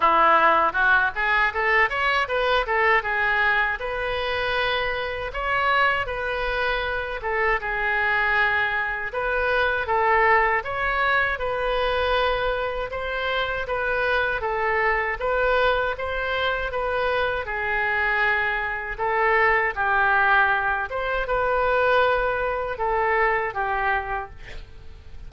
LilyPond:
\new Staff \with { instrumentName = "oboe" } { \time 4/4 \tempo 4 = 79 e'4 fis'8 gis'8 a'8 cis''8 b'8 a'8 | gis'4 b'2 cis''4 | b'4. a'8 gis'2 | b'4 a'4 cis''4 b'4~ |
b'4 c''4 b'4 a'4 | b'4 c''4 b'4 gis'4~ | gis'4 a'4 g'4. c''8 | b'2 a'4 g'4 | }